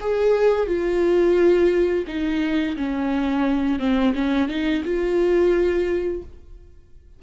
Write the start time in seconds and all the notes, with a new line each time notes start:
0.00 G#4
0.66 F4
2.07 D#4
2.76 C#4
3.79 C4
4.14 C#4
4.48 D#4
4.84 F4